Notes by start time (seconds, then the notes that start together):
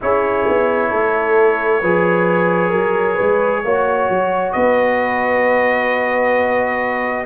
0.01 C#4 E4 G#4 C#5
0.48 B3
0.90 A3 A4
1.80 F3 G#4 B4
2.70 F#3 A#4
3.14 G#3 B4
3.64 A#3 F#4 C#5
4.09 F#3
4.52 B3 B4 D#5